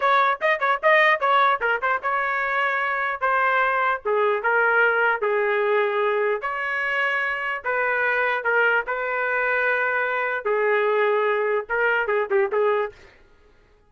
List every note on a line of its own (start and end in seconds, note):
0.00 0.39 C#5
0.41 0.59 D#5
0.59 0.79 C#5
0.82 1.20 D#5
1.20 1.60 C#5
1.61 1.81 A#4
1.81 2.01 C5
2.02 3.20 C#5
3.20 4.01 C5
4.05 4.43 G#4
4.43 5.21 A#4
5.21 6.41 G#4
6.41 7.62 C#5
7.64 8.44 B4
8.44 8.84 A#4
8.86 10.44 B4
10.44 11.65 G#4
11.69 12.07 A#4
12.07 12.27 G#4
12.30 12.50 G4
12.51 12.92 G#4